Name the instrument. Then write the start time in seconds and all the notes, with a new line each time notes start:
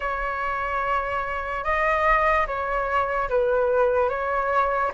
flute
0.00 C#5
1.64 D#5
2.47 C#5
3.29 B4
4.09 C#5